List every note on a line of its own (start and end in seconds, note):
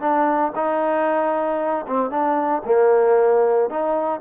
0.00 0.52 D4
0.55 1.85 D#4
1.87 2.10 C4
2.10 2.62 D4
2.65 3.70 A#3
3.70 4.20 D#4